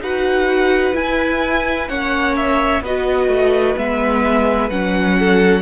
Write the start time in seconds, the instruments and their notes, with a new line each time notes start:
0.00 cello D#4, viola F#4, violin B4 F#5
0.94 viola E4, cello E4, violin G#5
1.89 cello A#3, viola C#4, violin C#5 F#5
2.36 violin E5
2.81 cello B3, viola F#4, violin B4 D#5
3.28 cello A3
3.77 cello G#3, viola B3, violin E5
4.70 cello F#3, viola C#4, violin F#5
5.19 violin A4